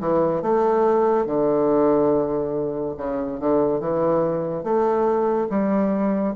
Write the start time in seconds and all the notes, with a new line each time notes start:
0.00 E3
0.42 A3
1.26 D3
2.98 C#3
3.40 D3
3.80 E3
4.64 A3
5.50 G3